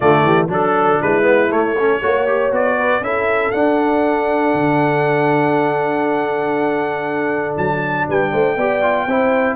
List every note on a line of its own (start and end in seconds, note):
0.00 0.23 D3
0.00 0.48 A3
0.00 0.24 F4
0.00 0.47 D5
0.23 0.48 E3
0.23 0.50 G4
0.48 0.98 F#3
0.48 1.23 D4
0.48 1.01 A4
1.01 1.50 G#3
1.01 1.77 E4
1.01 1.52 B4
1.23 1.48 B3
1.50 1.75 A3
1.50 2.01 A3
1.50 2.53 C#5
1.78 2.02 C#4
1.78 2.00 A4
2.00 2.51 A#3
2.00 2.27 F#4
2.00 2.76 C#5
2.27 2.51 G4
2.51 3.00 B3
2.51 3.02 F#4
2.51 3.03 D5
2.77 3.02 B4
3.00 3.51 C#4
3.00 3.53 E4
3.00 8.07 A4
3.00 3.51 E5
3.51 4.53 D4
3.51 8.58 D4
3.51 7.54 F#5
4.53 7.56 D3
7.57 8.08 F#3
7.57 8.07 A5
8.08 8.33 G3
8.08 8.31 B4
8.08 9.56 G5
8.31 8.56 A3
8.31 8.56 C5
8.56 9.06 B3
8.56 8.82 G4
8.56 9.07 D5
8.82 9.07 F4
9.06 9.56 C4
9.06 9.56 E4
9.06 9.56 C5